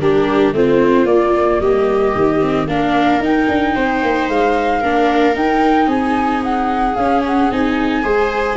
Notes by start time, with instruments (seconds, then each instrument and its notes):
0.00 tuba G3, viola D4 G4, flute A#4
0.52 tuba A3, viola C4 F4, flute C5
1.05 tuba A#3, viola A#3, flute D5
1.60 tuba G3, viola G4, flute D#5
2.15 tuba D#3
2.41 viola C4
2.67 tuba A#3, viola D4 A#4, flute F5
3.20 tuba D#4, viola D#4, flute G5
3.48 tuba D4
3.75 tuba C4, viola C5
4.02 tuba A#3
4.28 tuba G#3, flute F5
4.80 tuba A#3, viola D4 A#4
5.34 viola D#4, tuba D#4, flute G5
5.87 tuba C4, viola G#4, flute G#5
6.43 flute F#5
6.95 tuba C#4, viola C#4, flute F5
7.27 flute F#5
7.51 tuba C4, viola D#4, flute G#5
8.03 tuba G#3, viola G#4 C5